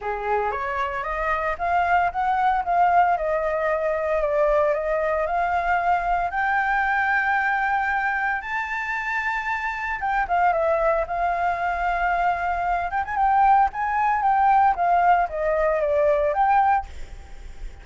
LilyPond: \new Staff \with { instrumentName = "flute" } { \time 4/4 \tempo 4 = 114 gis'4 cis''4 dis''4 f''4 | fis''4 f''4 dis''2 | d''4 dis''4 f''2 | g''1 |
a''2. g''8 f''8 | e''4 f''2.~ | f''8 g''16 gis''16 g''4 gis''4 g''4 | f''4 dis''4 d''4 g''4 | }